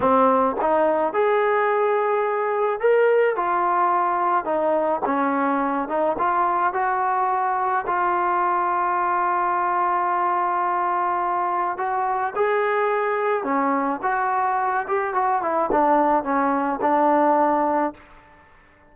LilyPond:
\new Staff \with { instrumentName = "trombone" } { \time 4/4 \tempo 4 = 107 c'4 dis'4 gis'2~ | gis'4 ais'4 f'2 | dis'4 cis'4. dis'8 f'4 | fis'2 f'2~ |
f'1~ | f'4 fis'4 gis'2 | cis'4 fis'4. g'8 fis'8 e'8 | d'4 cis'4 d'2 | }